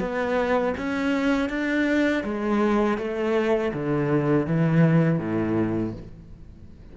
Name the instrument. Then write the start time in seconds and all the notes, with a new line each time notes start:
cello
0.00 B3
0.77 C#4
1.49 D4
2.24 G#3
2.98 A3
3.74 D3
4.47 E3
5.19 A2